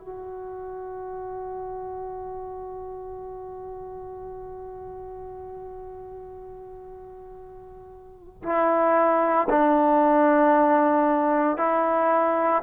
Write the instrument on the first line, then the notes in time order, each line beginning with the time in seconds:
trombone
0.00 F#4
8.43 E4
9.49 D4
11.57 E4